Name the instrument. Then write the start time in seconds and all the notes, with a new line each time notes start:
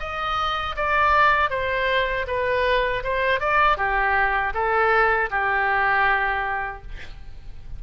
oboe
0.00 D#5
0.76 D5
1.51 C5
2.28 B4
3.04 C5
3.40 D5
3.78 G4
4.54 A4
5.31 G4